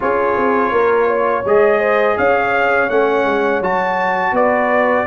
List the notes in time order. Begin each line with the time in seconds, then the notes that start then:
0.00 C#4 F4 G#4 C#5
0.36 C4
0.72 A#3 A#4
1.07 C#5
1.44 G#3 G#4 D#5
1.79 C5
2.17 C#4 C#5 F5
2.89 A3 C#4 F#5
3.25 G#3
3.61 F#3 F#4 A5
4.32 B3 B4 D5